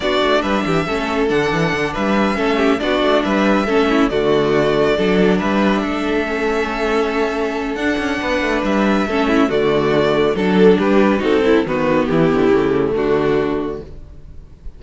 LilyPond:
<<
  \new Staff \with { instrumentName = "violin" } { \time 4/4 \tempo 4 = 139 d''4 e''2 fis''4~ | fis''8 e''2 d''4 e''8~ | e''4. d''2~ d''8~ | d''8 e''2.~ e''8~ |
e''2 fis''2 | e''2 d''2 | a'4 b'4 a'4 b'4 | g'2 fis'2 | }
  \new Staff \with { instrumentName = "violin" } { \time 4/4 fis'4 b'8 g'8 a'2~ | a'8 b'4 a'8 g'8 fis'4 b'8~ | b'8 a'8 e'8 fis'2 a'8~ | a'8 b'4 a'2~ a'8~ |
a'2. b'4~ | b'4 a'8 e'8 fis'2 | a'4 g'4 fis'8 e'8 fis'4 | e'2 d'2 | }
  \new Staff \with { instrumentName = "viola" } { \time 4/4 d'2 cis'4 d'4~ | d'4. cis'4 d'4.~ | d'8 cis'4 a2 d'8~ | d'2~ d'8 cis'4.~ |
cis'2 d'2~ | d'4 cis'4 a2 | d'2 dis'8 e'8 b4~ | b4 a2. | }
  \new Staff \with { instrumentName = "cello" } { \time 4/4 b8 a8 g8 e8 a4 d8 e8 | d8 g4 a4 b8 a8 g8~ | g8 a4 d2 fis8~ | fis8 g4 a2~ a8~ |
a2 d'8 cis'8 b8 a8 | g4 a4 d2 | fis4 g4 c'4 dis4 | e8 d8 cis4 d2 | }
>>